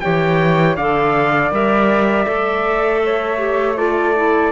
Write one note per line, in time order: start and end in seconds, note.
0.00 0.76 E3
0.00 0.76 G4
0.00 0.75 C#5
0.00 0.75 G5
0.75 1.51 D3
0.75 1.51 A4
0.75 3.00 D5
0.75 1.51 F5
1.51 2.26 G3
1.51 2.26 A#4
1.51 3.77 E5
2.26 4.51 A3
2.26 3.37 A4
3.04 3.78 C#5
3.37 3.75 G4
3.76 4.14 F4
3.76 4.51 A4
3.76 4.51 D5
4.16 4.51 E4